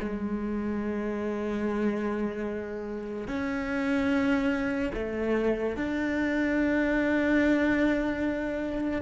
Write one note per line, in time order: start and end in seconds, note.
0.00 3.28 G#3
3.28 4.92 C#4
4.94 5.76 A3
5.77 9.02 D4